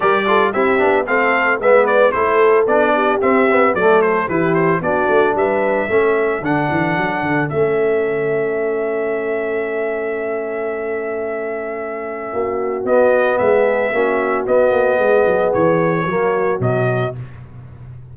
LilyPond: <<
  \new Staff \with { instrumentName = "trumpet" } { \time 4/4 \tempo 4 = 112 d''4 e''4 f''4 e''8 d''8 | c''4 d''4 e''4 d''8 c''8 | b'8 c''8 d''4 e''2 | fis''2 e''2~ |
e''1~ | e''1 | dis''4 e''2 dis''4~ | dis''4 cis''2 dis''4 | }
  \new Staff \with { instrumentName = "horn" } { \time 4/4 ais'8 a'8 g'4 a'4 b'4 | a'4. g'4. a'4 | g'4 fis'4 b'4 a'4~ | a'1~ |
a'1~ | a'2. fis'4~ | fis'4 gis'4 fis'2 | gis'2 fis'2 | }
  \new Staff \with { instrumentName = "trombone" } { \time 4/4 g'8 f'8 e'8 d'8 c'4 b4 | e'4 d'4 c'8 b8 a4 | e'4 d'2 cis'4 | d'2 cis'2~ |
cis'1~ | cis'1 | b2 cis'4 b4~ | b2 ais4 fis4 | }
  \new Staff \with { instrumentName = "tuba" } { \time 4/4 g4 c'8 b8 a4 gis4 | a4 b4 c'4 fis4 | e4 b8 a8 g4 a4 | d8 e8 fis8 d8 a2~ |
a1~ | a2. ais4 | b4 gis4 ais4 b8 ais8 | gis8 fis8 e4 fis4 b,4 | }
>>